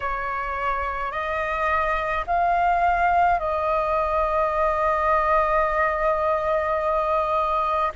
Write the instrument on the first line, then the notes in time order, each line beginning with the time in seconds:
flute
0.00 C#5
1.11 D#5
2.26 F5
3.39 D#5